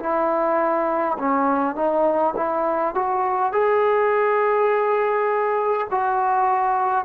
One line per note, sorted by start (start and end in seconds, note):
0.00 1.18 E4
1.19 1.76 C#4
1.76 2.35 D#4
2.36 2.95 E4
2.95 3.52 F#4
3.52 5.88 G#4
5.91 7.05 F#4